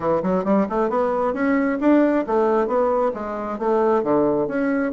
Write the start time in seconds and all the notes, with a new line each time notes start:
0.00 E3
0.22 F#3
0.44 G3
0.69 A3
0.89 B3
1.33 C#4
1.80 D4
2.27 A3
2.67 B3
3.14 G#3
3.58 A3
4.03 D3
4.47 C#4